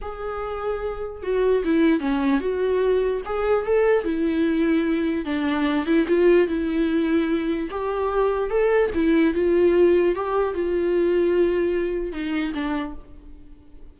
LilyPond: \new Staff \with { instrumentName = "viola" } { \time 4/4 \tempo 4 = 148 gis'2. fis'4 | e'4 cis'4 fis'2 | gis'4 a'4 e'2~ | e'4 d'4. e'8 f'4 |
e'2. g'4~ | g'4 a'4 e'4 f'4~ | f'4 g'4 f'2~ | f'2 dis'4 d'4 | }